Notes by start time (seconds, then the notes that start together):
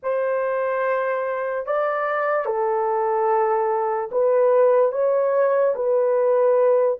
0.02 C5
1.66 D5
2.45 A4
4.11 B4
4.92 C#5
5.75 B4